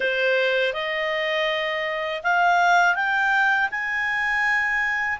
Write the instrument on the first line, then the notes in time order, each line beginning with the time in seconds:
clarinet
0.00 C5
0.73 D#5
2.23 F5
2.95 G5
3.70 G#5